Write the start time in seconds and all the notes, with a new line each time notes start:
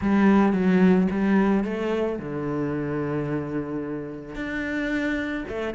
0.01 G3
0.53 F#3
1.11 G3
1.64 A3
2.18 D3
4.35 D4
5.48 A3